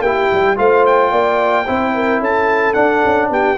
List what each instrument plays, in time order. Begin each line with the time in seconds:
0.00 tuba A#3, trombone E4, horn G4, trumpet G5
0.33 tuba G3
0.56 tuba A3, trombone F4, horn C5, trumpet F5
0.87 trumpet G5
1.12 tuba A#3, horn D5
1.67 tuba C4, trombone E4, horn C5
1.95 horn A#4
2.20 tuba C#4, horn A4, trumpet A5
2.74 trombone D4, tuba D4, trumpet F#5
3.05 tuba C#4
3.30 tuba B3, horn G4, trumpet G5